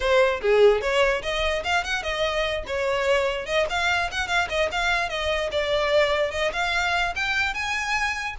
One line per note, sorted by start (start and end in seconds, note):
0.00 0.41 C5
0.41 0.81 G#4
0.81 1.22 C#5
1.22 1.63 D#5
1.64 1.84 F5
1.84 2.02 F#5
2.02 2.63 D#5
2.67 3.46 C#5
3.46 3.66 D#5
3.69 4.10 F5
4.11 4.27 F#5
4.27 4.48 F5
4.49 4.69 D#5
4.71 5.09 F5
5.09 5.50 D#5
5.51 6.31 D5
6.31 6.51 D#5
6.53 7.14 F5
7.15 7.54 G5
7.54 8.35 G#5